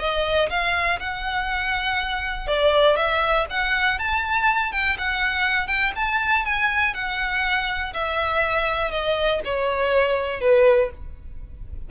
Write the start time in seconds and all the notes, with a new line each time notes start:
0.00 D#5
0.50 F5
1.00 F#5
2.48 D5
2.97 E5
3.50 F#5
3.99 A5
4.72 G5
4.99 F#5
5.68 G5
5.96 A5
6.46 G#5
6.94 F#5
7.94 E5
8.91 D#5
9.45 C#5
10.41 B4